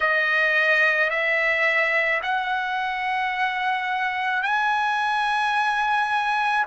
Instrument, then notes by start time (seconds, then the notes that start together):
trumpet
0.00 D#5
1.10 E5
2.22 F#5
4.42 G#5